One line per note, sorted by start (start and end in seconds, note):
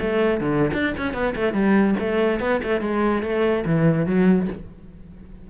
0.00 0.40 A3
0.40 0.72 D3
0.73 0.94 D4
0.98 1.14 C#4
1.14 1.34 B3
1.35 1.53 A3
1.53 1.95 G3
1.99 2.40 A3
2.40 2.61 B3
2.63 2.81 A3
2.81 3.23 G#3
3.23 3.64 A3
3.66 4.06 E3
4.06 4.48 F#3